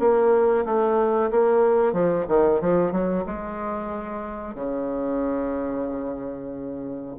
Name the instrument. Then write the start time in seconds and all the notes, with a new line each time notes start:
bassoon
0.00 A#3
0.66 A3
1.31 A#3
1.93 F3
2.28 D#3
2.61 F3
2.92 F#3
3.26 G#3
4.55 C#3